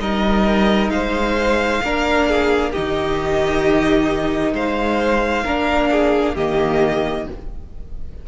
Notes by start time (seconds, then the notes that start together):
0.00 G3 D#4 A#4 D#5
0.90 G#3 C5 F5
1.84 A#3 D4 A#4
2.29 G#4
2.71 D#3 D#4 G4 D#5
4.53 G#3 C5 F5
5.45 A#3 D4 A#4
5.92 G#4
6.35 D#3 A#3 G4 D#5